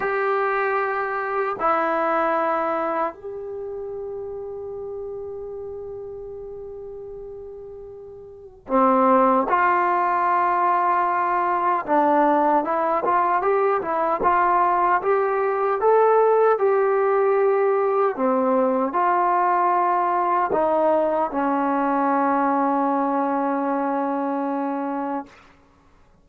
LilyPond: \new Staff \with { instrumentName = "trombone" } { \time 4/4 \tempo 4 = 76 g'2 e'2 | g'1~ | g'2. c'4 | f'2. d'4 |
e'8 f'8 g'8 e'8 f'4 g'4 | a'4 g'2 c'4 | f'2 dis'4 cis'4~ | cis'1 | }